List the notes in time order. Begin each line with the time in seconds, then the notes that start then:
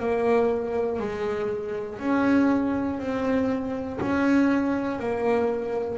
0.00 A#3
1.00 G#3
2.00 C#4
3.00 C4
4.01 C#4
5.00 A#3